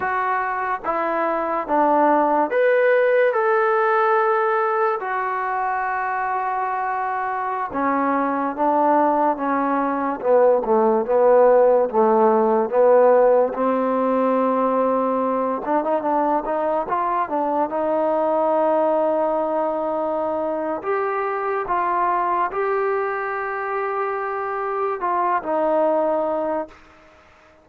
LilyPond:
\new Staff \with { instrumentName = "trombone" } { \time 4/4 \tempo 4 = 72 fis'4 e'4 d'4 b'4 | a'2 fis'2~ | fis'4~ fis'16 cis'4 d'4 cis'8.~ | cis'16 b8 a8 b4 a4 b8.~ |
b16 c'2~ c'8 d'16 dis'16 d'8 dis'16~ | dis'16 f'8 d'8 dis'2~ dis'8.~ | dis'4 g'4 f'4 g'4~ | g'2 f'8 dis'4. | }